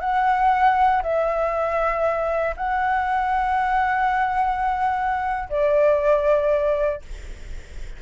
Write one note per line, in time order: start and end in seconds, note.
0.00 1.02 F#5
1.02 2.55 E5
2.57 5.49 F#5
5.49 7.02 D5